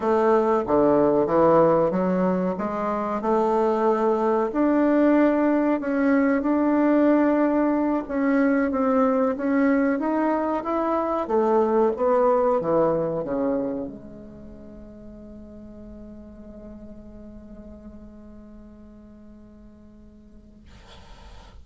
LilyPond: \new Staff \with { instrumentName = "bassoon" } { \time 4/4 \tempo 4 = 93 a4 d4 e4 fis4 | gis4 a2 d'4~ | d'4 cis'4 d'2~ | d'8 cis'4 c'4 cis'4 dis'8~ |
dis'8 e'4 a4 b4 e8~ | e8 cis4 gis2~ gis8~ | gis1~ | gis1 | }